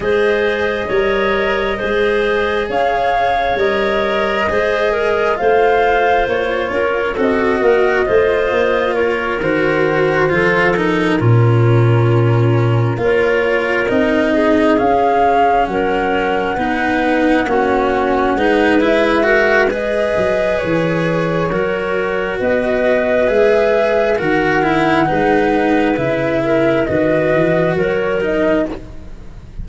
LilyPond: <<
  \new Staff \with { instrumentName = "flute" } { \time 4/4 \tempo 4 = 67 dis''2. f''4 | dis''2 f''4 cis''4 | dis''2 cis''8 c''4. | ais'2~ ais'8 cis''4 dis''8~ |
dis''8 f''4 fis''2~ fis''8~ | fis''4 e''4 dis''4 cis''4~ | cis''4 dis''4 e''4 fis''4~ | fis''4 e''4 dis''4 cis''8 dis''8 | }
  \new Staff \with { instrumentName = "clarinet" } { \time 4/4 c''4 cis''4 c''4 cis''4~ | cis''4 c''8 ais'8 c''4. ais'8 | a'8 ais'8 c''4 ais'4. a'8~ | a'8 f'2 ais'4. |
gis'4. ais'4 b'4 fis'8~ | fis'8 b'4 ais'8 b'2 | ais'4 b'2 ais'4 | b'4. ais'8 b'4 ais'4 | }
  \new Staff \with { instrumentName = "cello" } { \time 4/4 gis'4 ais'4 gis'2 | ais'4 gis'4 f'2 | fis'4 f'4. fis'4 f'8 | dis'8 cis'2 f'4 dis'8~ |
dis'8 cis'2 dis'4 cis'8~ | cis'8 dis'8 e'8 fis'8 gis'2 | fis'2 gis'4 fis'8 e'8 | dis'4 e'4 fis'4. dis'8 | }
  \new Staff \with { instrumentName = "tuba" } { \time 4/4 gis4 g4 gis4 cis'4 | g4 gis4 a4 ais8 cis'8 | c'8 ais8 a8 ais4 dis4 f8~ | f8 ais,2 ais4 c'8~ |
c'8 cis'4 fis4 b4 ais8~ | ais8 gis2 fis8 e4 | fis4 b4 gis4 dis4 | gis4 cis4 dis8 e8 fis4 | }
>>